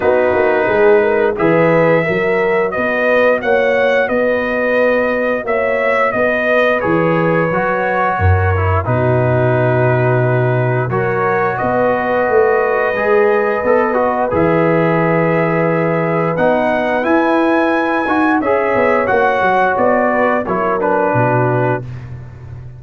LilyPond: <<
  \new Staff \with { instrumentName = "trumpet" } { \time 4/4 \tempo 4 = 88 b'2 e''2 | dis''4 fis''4 dis''2 | e''4 dis''4 cis''2~ | cis''4 b'2. |
cis''4 dis''2.~ | dis''4 e''2. | fis''4 gis''2 e''4 | fis''4 d''4 cis''8 b'4. | }
  \new Staff \with { instrumentName = "horn" } { \time 4/4 fis'4 gis'8 ais'8 b'4 ais'4 | b'4 cis''4 b'2 | cis''4 b'2. | ais'4 fis'2. |
ais'4 b'2.~ | b'1~ | b'2. cis''4~ | cis''4. b'8 ais'4 fis'4 | }
  \new Staff \with { instrumentName = "trombone" } { \time 4/4 dis'2 gis'4 fis'4~ | fis'1~ | fis'2 gis'4 fis'4~ | fis'8 e'8 dis'2. |
fis'2. gis'4 | a'8 fis'8 gis'2. | dis'4 e'4. fis'8 gis'4 | fis'2 e'8 d'4. | }
  \new Staff \with { instrumentName = "tuba" } { \time 4/4 b8 ais8 gis4 e4 fis4 | b4 ais4 b2 | ais4 b4 e4 fis4 | fis,4 b,2. |
fis4 b4 a4 gis4 | b4 e2. | b4 e'4. dis'8 cis'8 b8 | ais8 fis8 b4 fis4 b,4 | }
>>